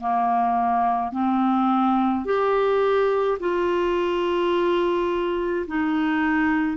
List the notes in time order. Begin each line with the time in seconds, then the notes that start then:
0.00 A#3
1.12 C4
2.24 G4
3.39 F4
5.67 D#4